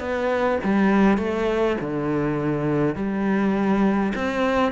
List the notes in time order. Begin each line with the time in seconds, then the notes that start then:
0.00 B3
0.64 G3
1.18 A3
1.81 D3
2.95 G3
4.15 C4